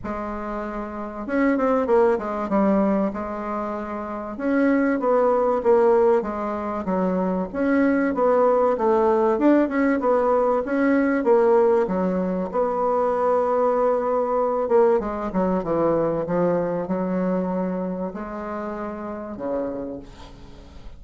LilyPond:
\new Staff \with { instrumentName = "bassoon" } { \time 4/4 \tempo 4 = 96 gis2 cis'8 c'8 ais8 gis8 | g4 gis2 cis'4 | b4 ais4 gis4 fis4 | cis'4 b4 a4 d'8 cis'8 |
b4 cis'4 ais4 fis4 | b2.~ b8 ais8 | gis8 fis8 e4 f4 fis4~ | fis4 gis2 cis4 | }